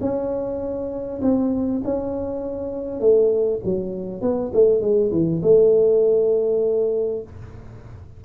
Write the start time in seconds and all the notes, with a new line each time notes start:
0.00 C#4
1.21 C4
1.84 C#4
3.00 A3
3.64 F#3
4.21 B3
4.53 A3
4.81 G#3
5.11 E3
5.42 A3